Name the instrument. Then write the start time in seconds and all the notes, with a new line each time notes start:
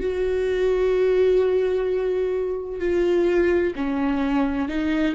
viola
0.00 F#4
2.80 F4
3.75 C#4
4.68 D#4